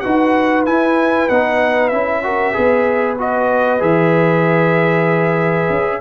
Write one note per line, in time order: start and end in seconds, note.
0.00 0.66 D#4
0.00 0.66 F#4
0.00 2.24 B4
0.00 0.63 F#5
0.66 1.29 E4
0.66 1.29 G#5
1.29 1.92 B3
1.29 1.92 D#4
1.29 1.88 F#5
1.88 2.56 C#4
1.88 2.23 E4
1.88 3.14 E5
2.23 2.53 F#4
2.23 2.54 A#4
2.53 3.81 B3
2.53 3.16 G#4
2.53 6.01 B4
3.18 3.79 F#4
3.18 3.82 D#5
3.79 5.70 E3
3.79 6.00 G#4
3.79 6.01 E5
5.70 6.01 C#4